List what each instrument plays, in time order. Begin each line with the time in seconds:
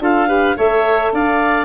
0.00 tuba D4, saxophone F4, oboe A4, clarinet F5
0.28 saxophone G4, oboe B4
0.56 tuba A3, saxophone A4, oboe C#5, clarinet E5
1.13 tuba D4, oboe D5, clarinet F5